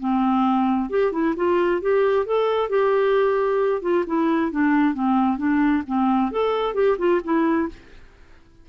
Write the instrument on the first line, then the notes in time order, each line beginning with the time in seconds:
clarinet
0.00 C4
0.90 G4
1.12 E4
1.37 F4
1.82 G4
2.26 A4
2.70 G4
3.82 F4
4.07 E4
4.52 D4
4.95 C4
5.38 D4
5.87 C4
6.32 A4
6.75 G4
6.99 F4
7.24 E4